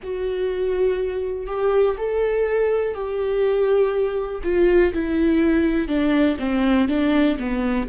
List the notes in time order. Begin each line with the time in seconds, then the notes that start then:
0.03 F#4
1.46 G4
1.97 A4
2.94 G4
4.43 F4
4.93 E4
5.87 D4
6.39 C4
6.88 D4
7.39 B3